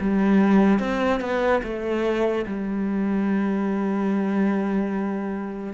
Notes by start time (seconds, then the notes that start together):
0.00 G3
0.79 C4
1.20 B3
1.63 A3
2.46 G3